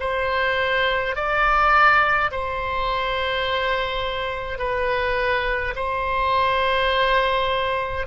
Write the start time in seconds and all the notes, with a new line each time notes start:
0.00 C5
1.15 D5
2.31 C5
4.58 B4
5.76 C5